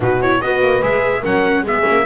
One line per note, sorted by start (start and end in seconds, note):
0.00 0.41 B2
0.00 0.20 D#4
0.00 0.42 F#4
0.00 0.21 B4
0.21 0.43 E4
0.21 0.41 C#5
0.41 0.60 B3
0.41 0.82 F#4
0.41 1.20 B4
0.41 0.82 D#5
0.60 0.81 A#3
0.82 1.23 G#3
0.82 1.23 G#4
0.82 1.24 E5
1.20 1.62 F#3
1.20 1.65 C#4
1.20 1.62 A#4
1.20 1.66 F#5
1.62 1.83 G#3
1.62 1.83 B3
1.62 2.05 G#4
1.62 2.06 E5
1.83 2.06 A#3
1.83 2.03 C#4